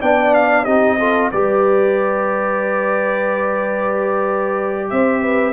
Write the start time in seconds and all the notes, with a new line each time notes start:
0.00 B3 D4 D5 G5
0.35 F5
0.65 C4 D#4 G4 D#5
0.99 F4 A4
1.32 G3 G4 B4 D5
4.90 C4 C5 E5
5.24 B4